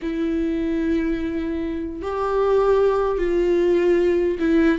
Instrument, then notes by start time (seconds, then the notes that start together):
viola
0.01 E4
2.01 G4
3.17 F4
4.39 E4